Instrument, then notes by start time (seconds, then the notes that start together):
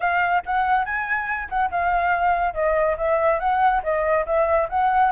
flute
0.00 F5
0.45 F#5
0.85 G#5
1.49 F#5
1.70 F5
2.54 D#5
2.97 E5
3.39 F#5
3.83 D#5
4.26 E5
4.69 F#5